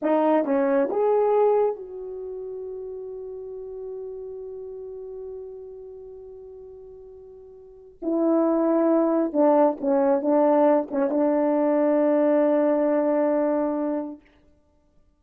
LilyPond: \new Staff \with { instrumentName = "horn" } { \time 4/4 \tempo 4 = 135 dis'4 cis'4 gis'2 | fis'1~ | fis'1~ | fis'1~ |
fis'2 e'2~ | e'4 d'4 cis'4 d'4~ | d'8 cis'8 d'2.~ | d'1 | }